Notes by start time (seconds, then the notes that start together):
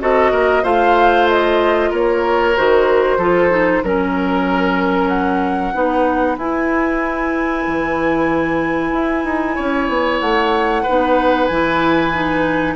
0.00 C4 F#4 A4 D#5
0.32 A#3 A#4
0.63 A3 F4 C5 F5
1.29 D#5
1.90 A#3 A#4 C#5
2.56 D#3 F#4 C5
3.18 F3 F4 A4
3.51 D#4
3.84 F#3 C#4 A#4
5.09 F#5
5.74 B3 D#4 B4
6.37 E4 G#5
7.67 E3
8.93 E4
9.24 D#4
9.55 C#4 C#5
9.88 B3
10.21 A3 F#5
10.83 D#4 B4
10.89 B3
11.47 E3 E4 G#5
12.13 D#4